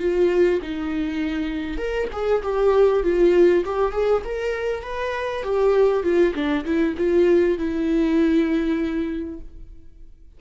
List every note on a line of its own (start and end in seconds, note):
0.00 0.61 F4
0.63 1.78 D#4
1.78 2.08 A#4
2.13 2.43 G#4
2.44 3.04 G4
3.04 3.64 F4
3.65 3.93 G4
3.93 4.23 G#4
4.25 4.83 A#4
4.83 5.44 B4
5.44 6.04 G4
6.04 6.34 F4
6.35 6.65 D4
6.65 6.96 E4
6.98 7.58 F4
7.59 9.40 E4